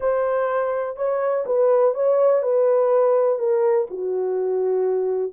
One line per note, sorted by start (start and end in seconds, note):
0.00 0.96 C5
0.96 1.45 C#5
1.46 1.94 B4
1.94 2.42 C#5
2.42 3.38 B4
3.38 3.87 A#4
3.90 5.32 F#4